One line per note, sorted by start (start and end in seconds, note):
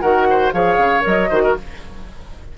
0.00 0.53 D#3
0.00 0.53 F#4
0.00 0.26 A#4
0.00 0.51 F#5
0.30 0.53 C5
0.52 0.77 F3
0.52 1.01 G#4
0.52 1.29 C#5
0.52 1.03 F5
0.77 1.03 C#3
1.01 1.30 F#3
1.01 1.26 A#4
1.01 1.57 D#5
1.29 1.56 D#3
1.29 1.57 F#4
1.29 1.42 C5
1.43 1.56 A#4